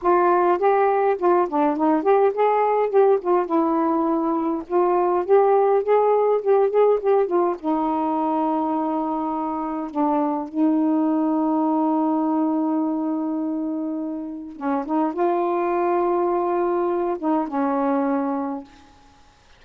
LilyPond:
\new Staff \with { instrumentName = "saxophone" } { \time 4/4 \tempo 4 = 103 f'4 g'4 f'8 d'8 dis'8 g'8 | gis'4 g'8 f'8 e'2 | f'4 g'4 gis'4 g'8 gis'8 | g'8 f'8 dis'2.~ |
dis'4 d'4 dis'2~ | dis'1~ | dis'4 cis'8 dis'8 f'2~ | f'4. dis'8 cis'2 | }